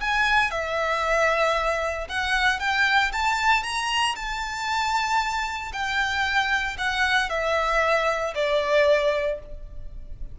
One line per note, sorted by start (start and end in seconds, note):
0.00 0.51 G#5
0.51 2.07 E5
2.08 2.59 F#5
2.59 3.11 G5
3.12 3.63 A5
3.63 4.15 A#5
4.15 5.72 A5
5.72 6.77 G5
6.78 7.29 F#5
7.29 8.34 E5
8.35 9.39 D5